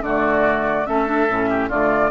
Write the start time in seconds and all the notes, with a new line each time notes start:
0.00 D3 A3 F#4 D5
0.86 A3 C#4 A4 E5
1.07 D4
1.29 A2 C#4
1.50 G4
1.69 D3 A3 F4 D5